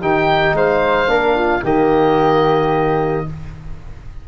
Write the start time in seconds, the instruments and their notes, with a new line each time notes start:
0.00 tuba D#3, trombone D#4, flute G4, oboe G5
0.53 tuba G#3, flute C5, oboe F5
1.07 tuba A#3, trombone D4, flute A#4
1.36 flute F4
1.63 tuba D#3, trombone A#3, flute G4, oboe D#5